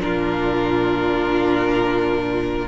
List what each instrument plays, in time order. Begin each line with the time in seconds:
0.00 cello A#2, viola D4, violin F4 A#4